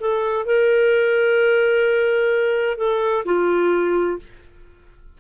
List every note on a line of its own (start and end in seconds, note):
0.00 0.46 A4
0.46 2.77 A#4
2.77 3.24 A4
3.25 4.18 F4